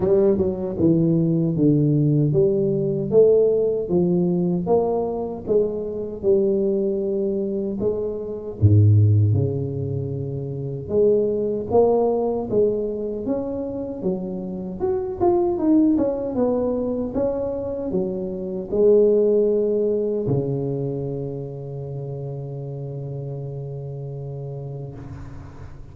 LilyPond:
\new Staff \with { instrumentName = "tuba" } { \time 4/4 \tempo 4 = 77 g8 fis8 e4 d4 g4 | a4 f4 ais4 gis4 | g2 gis4 gis,4 | cis2 gis4 ais4 |
gis4 cis'4 fis4 fis'8 f'8 | dis'8 cis'8 b4 cis'4 fis4 | gis2 cis2~ | cis1 | }